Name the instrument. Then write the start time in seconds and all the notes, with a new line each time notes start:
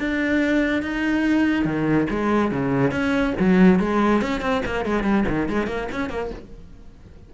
cello
0.00 D4
0.83 D#4
1.65 D#3
2.10 G#3
2.52 C#3
2.92 C#4
3.40 F#3
3.80 G#3
4.22 C#4
4.42 C4
4.66 A#3
4.86 G#3
5.04 G3
5.29 D#3
5.49 G#3
5.67 A#3
5.93 C#4
6.10 A#3